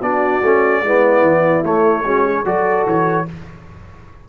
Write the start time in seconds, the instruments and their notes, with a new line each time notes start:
0.00 tuba B3, trombone D4, horn F#4, trumpet D5
0.42 tuba A3, trombone C#4
0.82 tuba G#3, trombone B3, horn E4
1.21 tuba E3
1.63 trombone A3, tuba A3, trumpet C#5
2.03 tuba G#3, trombone C#4, horn F#4
2.25 horn G#4
2.45 tuba F#3, trombone F#4, horn A4, trumpet D5
2.86 tuba E3, trumpet C#5